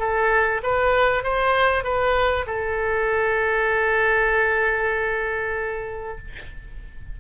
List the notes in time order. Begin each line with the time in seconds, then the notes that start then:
0.00 A4
0.64 B4
1.24 C5
1.84 B4
2.47 A4